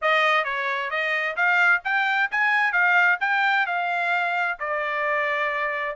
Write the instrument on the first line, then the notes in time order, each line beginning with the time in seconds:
trumpet
0.01 D#5
0.44 C#5
0.90 D#5
1.36 F5
1.84 G5
2.31 G#5
2.72 F5
3.20 G5
3.66 F5
4.59 D5